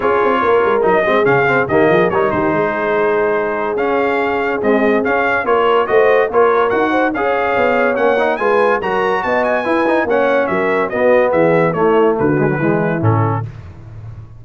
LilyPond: <<
  \new Staff \with { instrumentName = "trumpet" } { \time 4/4 \tempo 4 = 143 cis''2 dis''4 f''4 | dis''4 cis''8 c''2~ c''8~ | c''4 f''2 dis''4 | f''4 cis''4 dis''4 cis''4 |
fis''4 f''2 fis''4 | gis''4 ais''4 a''8 gis''4. | fis''4 e''4 dis''4 e''4 | cis''4 b'2 a'4 | }
  \new Staff \with { instrumentName = "horn" } { \time 4/4 gis'4 ais'4. gis'4. | g'8 gis'8 ais'8 g'8 gis'2~ | gis'1~ | gis'4 ais'4 c''4 ais'4~ |
ais'8 c''8 cis''2. | b'4 ais'4 dis''4 b'4 | cis''4 ais'4 fis'4 gis'4 | e'4 fis'4 e'2 | }
  \new Staff \with { instrumentName = "trombone" } { \time 4/4 f'2 dis'8 c'8 cis'8 c'8 | ais4 dis'2.~ | dis'4 cis'2 gis4 | cis'4 f'4 fis'4 f'4 |
fis'4 gis'2 cis'8 dis'8 | f'4 fis'2 e'8 dis'8 | cis'2 b2 | a4. gis16 fis16 gis4 cis'4 | }
  \new Staff \with { instrumentName = "tuba" } { \time 4/4 cis'8 c'8 ais8 gis8 fis8 gis8 cis4 | dis8 f8 g8 dis8 gis2~ | gis4 cis'2 c'4 | cis'4 ais4 a4 ais4 |
dis'4 cis'4 b4 ais4 | gis4 fis4 b4 e'4 | ais4 fis4 b4 e4 | a4 d4 e4 a,4 | }
>>